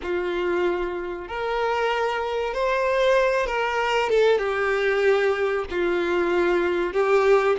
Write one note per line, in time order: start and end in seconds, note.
0.02 1.28 F4
1.28 2.53 A#4
2.53 3.46 C5
3.46 4.09 A#4
4.09 4.38 A4
4.38 5.64 G4
5.70 6.93 F4
6.93 7.56 G4